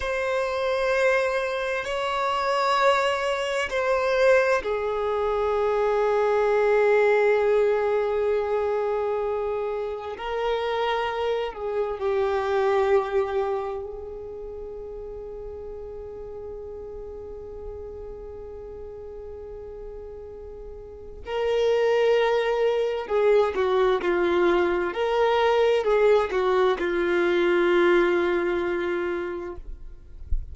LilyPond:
\new Staff \with { instrumentName = "violin" } { \time 4/4 \tempo 4 = 65 c''2 cis''2 | c''4 gis'2.~ | gis'2. ais'4~ | ais'8 gis'8 g'2 gis'4~ |
gis'1~ | gis'2. ais'4~ | ais'4 gis'8 fis'8 f'4 ais'4 | gis'8 fis'8 f'2. | }